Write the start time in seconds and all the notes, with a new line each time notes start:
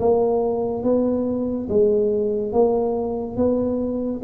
0.00 A#3
0.84 B3
1.69 G#3
2.53 A#3
3.37 B3